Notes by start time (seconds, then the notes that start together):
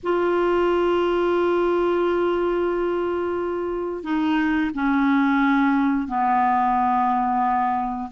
0.03 F4
4.03 D#4
4.74 C#4
6.07 B3